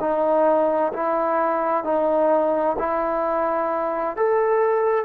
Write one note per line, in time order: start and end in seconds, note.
0.00 0.92 D#4
0.93 1.84 E4
1.84 2.77 D#4
2.79 4.17 E4
4.17 5.05 A4